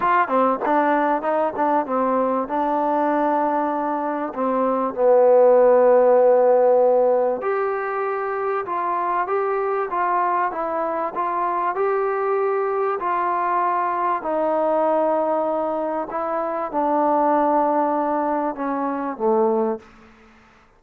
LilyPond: \new Staff \with { instrumentName = "trombone" } { \time 4/4 \tempo 4 = 97 f'8 c'8 d'4 dis'8 d'8 c'4 | d'2. c'4 | b1 | g'2 f'4 g'4 |
f'4 e'4 f'4 g'4~ | g'4 f'2 dis'4~ | dis'2 e'4 d'4~ | d'2 cis'4 a4 | }